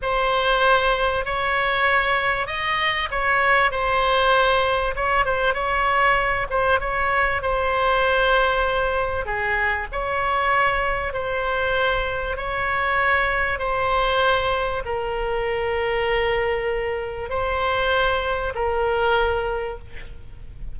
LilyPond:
\new Staff \with { instrumentName = "oboe" } { \time 4/4 \tempo 4 = 97 c''2 cis''2 | dis''4 cis''4 c''2 | cis''8 c''8 cis''4. c''8 cis''4 | c''2. gis'4 |
cis''2 c''2 | cis''2 c''2 | ais'1 | c''2 ais'2 | }